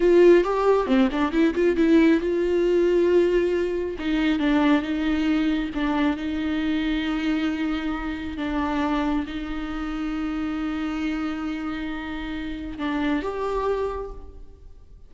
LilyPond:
\new Staff \with { instrumentName = "viola" } { \time 4/4 \tempo 4 = 136 f'4 g'4 c'8 d'8 e'8 f'8 | e'4 f'2.~ | f'4 dis'4 d'4 dis'4~ | dis'4 d'4 dis'2~ |
dis'2. d'4~ | d'4 dis'2.~ | dis'1~ | dis'4 d'4 g'2 | }